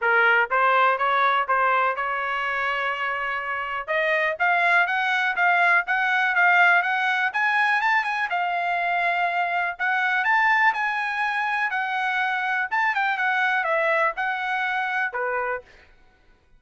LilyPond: \new Staff \with { instrumentName = "trumpet" } { \time 4/4 \tempo 4 = 123 ais'4 c''4 cis''4 c''4 | cis''1 | dis''4 f''4 fis''4 f''4 | fis''4 f''4 fis''4 gis''4 |
a''8 gis''8 f''2. | fis''4 a''4 gis''2 | fis''2 a''8 g''8 fis''4 | e''4 fis''2 b'4 | }